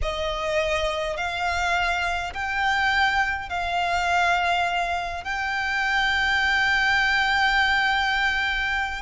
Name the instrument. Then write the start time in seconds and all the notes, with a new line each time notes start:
violin
0.02 D#5
1.16 F5
2.33 G5
3.49 F5
5.23 G5